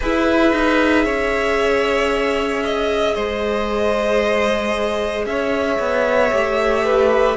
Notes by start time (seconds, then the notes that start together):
0.00 E4 G#4 B4 E5
0.52 D#4
1.04 C#4 C#5
2.64 D#5
3.14 G#3 C5 D#5
5.26 C#4 C#5 E5
5.79 B3
6.31 A3 G4
6.84 B4